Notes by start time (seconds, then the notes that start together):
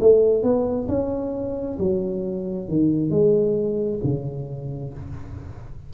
0.00 A3
0.43 B3
0.88 C#4
1.79 F#3
2.68 D#3
3.10 G#3
4.04 C#3